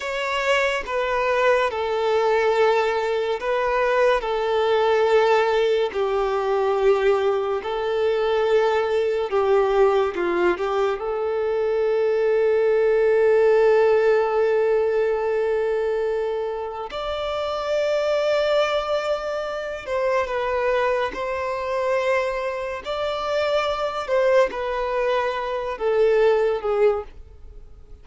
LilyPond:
\new Staff \with { instrumentName = "violin" } { \time 4/4 \tempo 4 = 71 cis''4 b'4 a'2 | b'4 a'2 g'4~ | g'4 a'2 g'4 | f'8 g'8 a'2.~ |
a'1 | d''2.~ d''8 c''8 | b'4 c''2 d''4~ | d''8 c''8 b'4. a'4 gis'8 | }